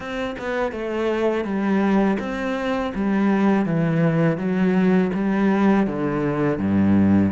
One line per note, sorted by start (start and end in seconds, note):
0.00 0.35 C4
0.38 0.72 B3
0.72 1.44 A3
1.44 2.17 G3
2.19 2.92 C4
2.94 3.65 G3
3.65 4.37 E3
4.37 5.10 F#3
5.14 5.86 G3
5.86 6.58 D3
6.58 7.31 G2